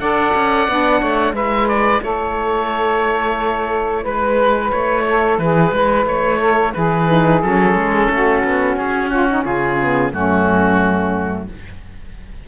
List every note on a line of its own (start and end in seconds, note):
0.00 0.34 D4
0.00 0.69 A4
0.00 1.00 D5
0.00 1.35 F#5
0.35 0.68 C#4
0.68 1.02 B3
0.68 1.35 D4
1.00 1.33 A3
1.00 1.34 C#5
1.33 2.00 G#3
1.33 7.07 E4
1.33 2.02 B4
1.33 1.68 E5
1.68 2.02 D5
2.03 4.05 A3
2.03 4.03 A4
2.03 4.05 C#5
4.03 4.72 G#3
4.03 5.04 B4
4.03 4.72 B4
4.72 5.38 A3
4.72 5.38 C#5
5.09 5.41 A4
5.38 5.72 E3
5.38 5.75 G#4
5.38 6.06 B4
5.72 6.06 G#3
5.72 6.39 B4
6.06 6.73 A3
6.06 6.74 C#5
6.39 6.73 A4
6.74 7.44 E3
6.74 8.11 G#4
6.74 7.41 B4
7.07 7.41 D#4
7.42 7.75 F#3
7.42 9.79 C#4
7.42 8.77 A4
7.75 8.09 G#3
8.10 8.44 A3
8.10 9.11 F#4
8.44 8.76 B3
8.76 9.44 C#4
8.76 9.10 G#4
9.10 9.28 F4
9.10 9.44 F#4
9.28 9.43 D#4
9.43 10.13 C#3
9.43 10.10 F4
9.43 10.13 G#4
9.81 10.12 B3
10.11 11.48 F#2
10.11 11.47 A3
10.11 11.46 C#4
10.11 11.48 F#4